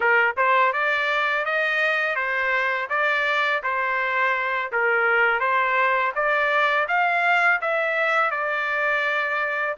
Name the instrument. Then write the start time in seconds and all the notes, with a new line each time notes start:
trumpet
0.00 A#4
0.36 C5
0.72 D5
1.45 D#5
2.15 C5
2.89 D5
3.63 C5
4.72 A#4
5.40 C5
6.14 D5
6.88 F5
7.61 E5
8.31 D5